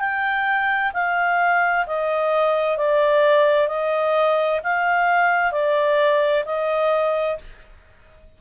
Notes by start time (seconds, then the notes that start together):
0.00 G5
0.94 F5
1.87 D#5
2.78 D5
3.68 D#5
4.64 F5
5.52 D5
6.46 D#5